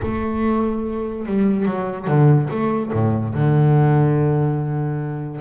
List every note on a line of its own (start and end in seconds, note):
0.02 1.25 A3
1.25 1.65 G3
1.65 2.07 F#3
2.07 2.48 D3
2.50 2.92 A3
2.92 3.34 A2
3.34 5.41 D3